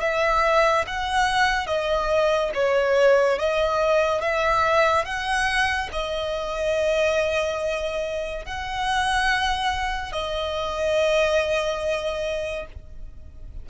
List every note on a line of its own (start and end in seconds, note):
0.00 0.85 E5
0.86 1.66 F#5
1.66 2.51 D#5
2.54 3.38 C#5
3.38 4.21 D#5
4.21 5.04 E5
5.04 5.89 F#5
5.92 8.45 D#5
8.45 10.12 F#5
10.12 12.65 D#5